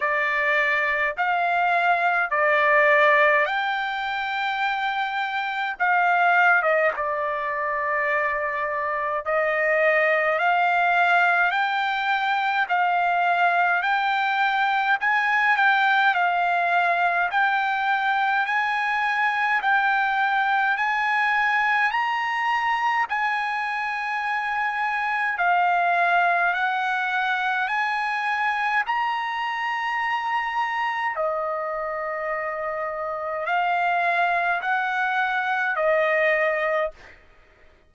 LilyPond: \new Staff \with { instrumentName = "trumpet" } { \time 4/4 \tempo 4 = 52 d''4 f''4 d''4 g''4~ | g''4 f''8. dis''16 d''2 | dis''4 f''4 g''4 f''4 | g''4 gis''8 g''8 f''4 g''4 |
gis''4 g''4 gis''4 ais''4 | gis''2 f''4 fis''4 | gis''4 ais''2 dis''4~ | dis''4 f''4 fis''4 dis''4 | }